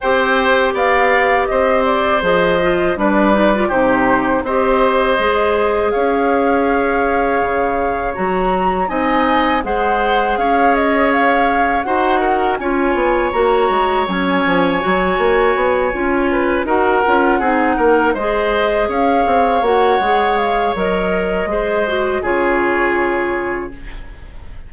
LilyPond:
<<
  \new Staff \with { instrumentName = "flute" } { \time 4/4 \tempo 4 = 81 g''4 f''4 dis''8 d''8 dis''4 | d''4 c''4 dis''2 | f''2. ais''4 | gis''4 fis''4 f''8 dis''8 f''4 |
fis''4 gis''4 ais''4 gis''4~ | gis''2~ gis''8 fis''4.~ | fis''8 dis''4 f''4 fis''4 f''8 | dis''2 cis''2 | }
  \new Staff \with { instrumentName = "oboe" } { \time 4/4 c''4 d''4 c''2 | b'4 g'4 c''2 | cis''1 | dis''4 c''4 cis''2 |
c''8 ais'8 cis''2.~ | cis''2 b'8 ais'4 gis'8 | ais'8 c''4 cis''2~ cis''8~ | cis''4 c''4 gis'2 | }
  \new Staff \with { instrumentName = "clarinet" } { \time 4/4 g'2. gis'8 f'8 | d'8 dis'16 f'16 dis'4 g'4 gis'4~ | gis'2. fis'4 | dis'4 gis'2. |
fis'4 f'4 fis'4 cis'4 | fis'4. f'4 fis'8 f'8 dis'8~ | dis'8 gis'2 fis'8 gis'4 | ais'4 gis'8 fis'8 f'2 | }
  \new Staff \with { instrumentName = "bassoon" } { \time 4/4 c'4 b4 c'4 f4 | g4 c4 c'4 gis4 | cis'2 cis4 fis4 | c'4 gis4 cis'2 |
dis'4 cis'8 b8 ais8 gis8 fis8 f8 | fis8 ais8 b8 cis'4 dis'8 cis'8 c'8 | ais8 gis4 cis'8 c'8 ais8 gis4 | fis4 gis4 cis2 | }
>>